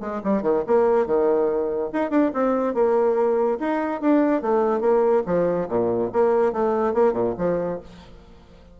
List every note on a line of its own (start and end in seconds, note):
0.00 0.21 G#3
0.24 0.42 G3
0.42 0.63 D#3
0.67 1.06 A#3
1.06 1.90 D#3
1.92 2.10 D#4
2.10 2.31 D4
2.33 2.74 C4
2.74 3.58 A#3
3.59 4.01 D#4
4.01 4.41 D4
4.41 4.80 A3
4.80 5.22 A#3
5.26 5.68 F3
5.68 6.10 A#2
6.12 6.52 A#3
6.52 6.93 A3
6.93 7.13 A#3
7.13 7.34 A#2
7.37 7.79 F3